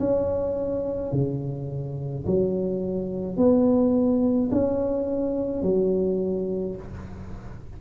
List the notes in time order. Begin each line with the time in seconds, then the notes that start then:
0.00 C#4
1.12 C#3
2.26 F#3
3.37 B3
4.52 C#4
5.63 F#3